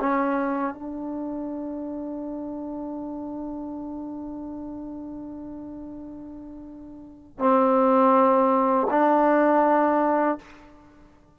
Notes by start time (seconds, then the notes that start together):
0.00 C#4
0.74 D4
7.39 C4
8.91 D4